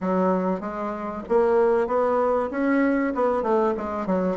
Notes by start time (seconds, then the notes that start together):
0.00 F#3
0.60 G#3
1.28 A#3
1.87 B3
2.51 C#4
3.14 B3
3.42 A3
3.77 G#3
4.06 F#3